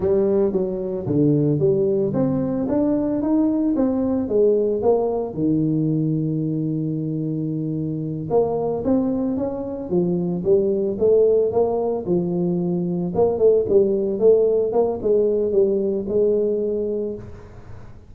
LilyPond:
\new Staff \with { instrumentName = "tuba" } { \time 4/4 \tempo 4 = 112 g4 fis4 d4 g4 | c'4 d'4 dis'4 c'4 | gis4 ais4 dis2~ | dis2.~ dis8 ais8~ |
ais8 c'4 cis'4 f4 g8~ | g8 a4 ais4 f4.~ | f8 ais8 a8 g4 a4 ais8 | gis4 g4 gis2 | }